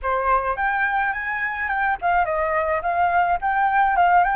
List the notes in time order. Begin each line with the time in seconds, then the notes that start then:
0.02 C5
0.56 G5
1.12 G#5
1.68 G5
2.01 F5
2.25 D#5
2.82 F5
3.41 G5
3.96 F5
4.24 G5